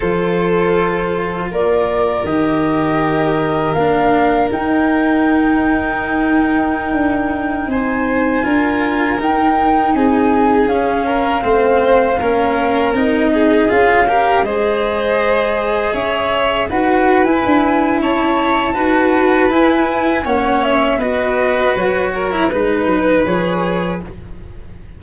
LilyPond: <<
  \new Staff \with { instrumentName = "flute" } { \time 4/4 \tempo 4 = 80 c''2 d''4 dis''4~ | dis''4 f''4 g''2~ | g''2~ g''16 gis''4.~ gis''16~ | gis''16 g''4 gis''4 f''4.~ f''16~ |
f''4~ f''16 dis''4 f''4 dis''8.~ | dis''4~ dis''16 e''4 fis''8. gis''4 | a''2 gis''4 fis''8 e''8 | dis''4 cis''4 b'4 cis''4 | }
  \new Staff \with { instrumentName = "violin" } { \time 4/4 a'2 ais'2~ | ais'1~ | ais'2~ ais'16 c''4 ais'8.~ | ais'4~ ais'16 gis'4. ais'8 c''8.~ |
c''16 ais'4. gis'4 ais'8 c''8.~ | c''4~ c''16 cis''4 b'4.~ b'16 | cis''4 b'2 cis''4 | b'4. ais'8 b'2 | }
  \new Staff \with { instrumentName = "cello" } { \time 4/4 f'2. g'4~ | g'4 d'4 dis'2~ | dis'2.~ dis'16 f'8.~ | f'16 dis'2 cis'4 c'8.~ |
c'16 cis'4 dis'4 f'8 g'8 gis'8.~ | gis'2~ gis'16 fis'8. e'4~ | e'4 fis'4 e'4 cis'4 | fis'4.~ fis'16 e'16 dis'4 gis'4 | }
  \new Staff \with { instrumentName = "tuba" } { \time 4/4 f2 ais4 dis4~ | dis4 ais4 dis'2~ | dis'4~ dis'16 d'4 c'4 d'8.~ | d'16 dis'4 c'4 cis'4 a8.~ |
a16 ais4 c'4 cis'4 gis8.~ | gis4~ gis16 cis'4 dis'8. e'16 d'8. | cis'4 dis'4 e'4 ais4 | b4 fis4 gis8 fis8 f4 | }
>>